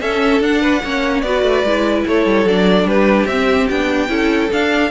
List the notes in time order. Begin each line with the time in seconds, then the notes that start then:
0.00 C#4 A4 E5
0.40 D4 F#5
0.61 B4
0.84 A#3 C#4 C#5
1.21 B3 F#4 D5
1.28 B4
1.42 A3
1.63 G#3 E4
2.07 A3 A4 C#5
2.25 G3
2.45 F#3 D4 D5
2.84 G3 G4 B4
3.26 C4 E5
3.69 B3 D4 G5
4.08 C#4 E4 A4
4.52 D4 F5